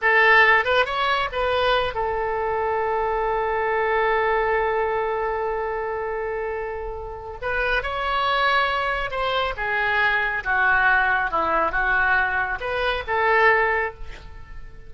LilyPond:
\new Staff \with { instrumentName = "oboe" } { \time 4/4 \tempo 4 = 138 a'4. b'8 cis''4 b'4~ | b'8 a'2.~ a'8~ | a'1~ | a'1~ |
a'4 b'4 cis''2~ | cis''4 c''4 gis'2 | fis'2 e'4 fis'4~ | fis'4 b'4 a'2 | }